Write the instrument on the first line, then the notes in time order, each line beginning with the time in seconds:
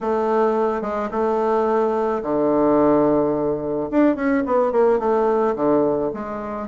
bassoon
0.01 A3
0.81 G#3
1.11 A3
2.22 D3
3.90 D4
4.15 C#4
4.45 B3
4.72 A#3
4.99 A3
5.55 D3
6.13 G#3